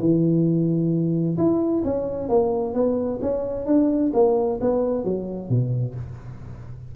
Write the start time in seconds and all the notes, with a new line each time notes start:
0.00 E3
1.38 E4
1.85 C#4
2.29 A#3
2.74 B3
3.22 C#4
3.66 D4
4.14 A#3
4.61 B3
5.04 F#3
5.49 B2